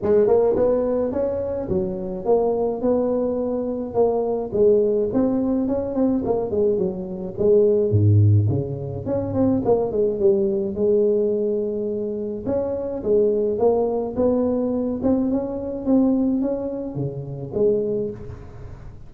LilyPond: \new Staff \with { instrumentName = "tuba" } { \time 4/4 \tempo 4 = 106 gis8 ais8 b4 cis'4 fis4 | ais4 b2 ais4 | gis4 c'4 cis'8 c'8 ais8 gis8 | fis4 gis4 gis,4 cis4 |
cis'8 c'8 ais8 gis8 g4 gis4~ | gis2 cis'4 gis4 | ais4 b4. c'8 cis'4 | c'4 cis'4 cis4 gis4 | }